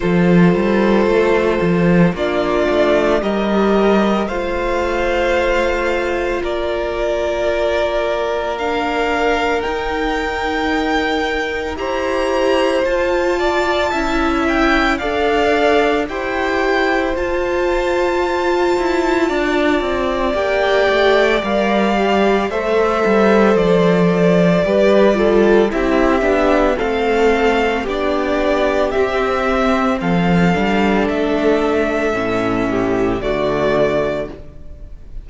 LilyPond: <<
  \new Staff \with { instrumentName = "violin" } { \time 4/4 \tempo 4 = 56 c''2 d''4 dis''4 | f''2 d''2 | f''4 g''2 ais''4 | a''4. g''8 f''4 g''4 |
a''2. g''4 | f''4 e''4 d''2 | e''4 f''4 d''4 e''4 | f''4 e''2 d''4 | }
  \new Staff \with { instrumentName = "violin" } { \time 4/4 a'2 f'4 ais'4 | c''2 ais'2~ | ais'2. c''4~ | c''8 d''8 e''4 d''4 c''4~ |
c''2 d''2~ | d''4 c''2 b'8 a'8 | g'4 a'4 g'2 | a'2~ a'8 g'8 fis'4 | }
  \new Staff \with { instrumentName = "viola" } { \time 4/4 f'2 d'4 g'4 | f'1 | d'4 dis'2 g'4 | f'4 e'4 a'4 g'4 |
f'2. g'4 | ais'8 g'8 a'2 g'8 f'8 | e'8 d'8 c'4 d'4 c'4~ | c'8 d'4. cis'4 a4 | }
  \new Staff \with { instrumentName = "cello" } { \time 4/4 f8 g8 a8 f8 ais8 a8 g4 | a2 ais2~ | ais4 dis'2 e'4 | f'4 cis'4 d'4 e'4 |
f'4. e'8 d'8 c'8 ais8 a8 | g4 a8 g8 f4 g4 | c'8 b8 a4 b4 c'4 | f8 g8 a4 a,4 d4 | }
>>